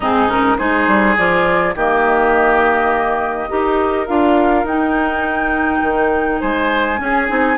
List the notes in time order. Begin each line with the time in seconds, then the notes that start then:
0.00 G#2 C4 D#4 G#4
0.28 C#4 A#4
0.58 G#3 D#4 G#4 C5
0.87 G3
1.17 F3 F4 D5
1.74 D#3 A#3 G4 D#5
3.48 D#4 G4 A#4
4.07 D4 F4 F5
4.64 D#4 G5
5.81 D#3
6.40 G#3 C5 G#5
6.97 C#4
7.03 G#4
7.27 C4 D#4